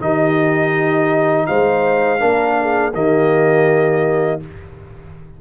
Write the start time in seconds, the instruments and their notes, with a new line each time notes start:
0.00 tuba D#3, trombone D#4, horn G4, trumpet D#5
1.46 tuba G#3, horn C5, trumpet F5
2.19 tuba A#3, trombone D4, horn A#4
2.61 horn G#4
2.94 tuba D#3, trombone A#3, horn G4, trumpet D#5